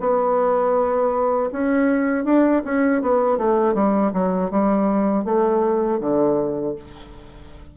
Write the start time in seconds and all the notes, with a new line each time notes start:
0.00 B3
1.52 C#4
2.25 D4
2.65 C#4
3.02 B3
3.38 A3
3.74 G3
4.13 F#3
4.51 G3
5.25 A3
6.01 D3